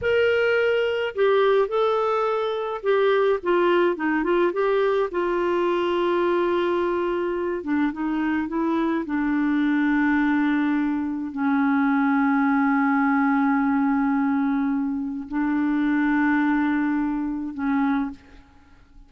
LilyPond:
\new Staff \with { instrumentName = "clarinet" } { \time 4/4 \tempo 4 = 106 ais'2 g'4 a'4~ | a'4 g'4 f'4 dis'8 f'8 | g'4 f'2.~ | f'4. d'8 dis'4 e'4 |
d'1 | cis'1~ | cis'2. d'4~ | d'2. cis'4 | }